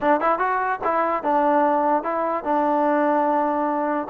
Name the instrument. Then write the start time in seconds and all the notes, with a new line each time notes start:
trombone
0.00 D4
0.20 E4
0.38 F#4
0.84 E4
1.23 D4
2.03 E4
2.44 D4